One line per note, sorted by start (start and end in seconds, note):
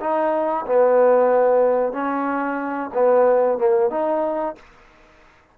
0.00 0.65 D#4
0.66 1.93 B3
1.93 2.91 C#4
2.93 3.58 B3
3.58 3.90 A#3
3.90 4.55 D#4